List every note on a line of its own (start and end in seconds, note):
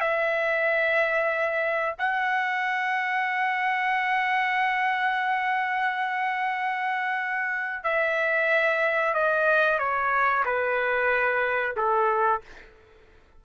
0.00 1.96 E5
1.98 7.83 F#5
7.83 9.13 E5
9.13 9.79 D#5
9.79 10.43 C#5
10.45 11.75 B4
11.76 12.41 A4